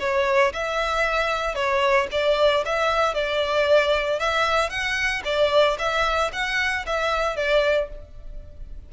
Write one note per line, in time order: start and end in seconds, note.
0.00 0.53 C#5
0.53 1.55 E5
1.55 2.08 C#5
2.12 2.64 D5
2.65 3.14 E5
3.14 4.19 D5
4.19 4.70 E5
4.70 5.22 F#5
5.25 5.77 D5
5.78 6.31 E5
6.33 6.85 F#5
6.86 7.36 E5
7.36 7.89 D5